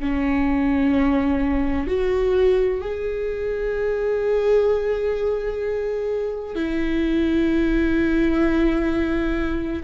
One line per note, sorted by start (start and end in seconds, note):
0.00 1.87 C#4
1.87 2.81 F#4
2.81 6.55 G#4
6.55 9.83 E4